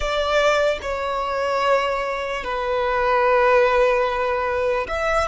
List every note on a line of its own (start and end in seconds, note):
0.00 0.78 D5
0.81 2.44 C#5
2.44 4.87 B4
4.87 5.27 E5